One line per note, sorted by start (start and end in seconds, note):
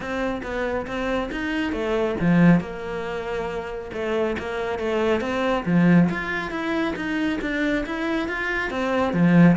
0.00 0.41 C4
0.42 0.86 B3
0.86 1.30 C4
1.31 1.72 D#4
1.72 2.15 A3
2.20 2.60 F3
2.60 3.90 A#3
3.93 4.36 A3
4.38 4.78 A#3
4.78 5.20 A3
5.20 5.64 C4
5.65 6.09 F3
6.09 6.50 F4
6.50 6.94 E4
6.95 7.39 D#4
7.41 7.84 D4
7.85 8.28 E4
8.28 8.70 F4
8.70 9.13 C4
9.13 9.56 F3